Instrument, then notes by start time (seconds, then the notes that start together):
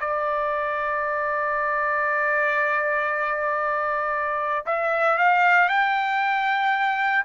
trumpet
0.00 D5
4.66 E5
5.18 F5
5.69 G5